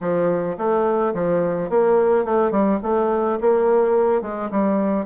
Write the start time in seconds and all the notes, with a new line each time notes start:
0.00 F3
0.57 A3
1.13 F3
1.69 A#3
2.24 A3
2.51 G3
2.82 A3
3.40 A#3
4.21 G#3
4.51 G3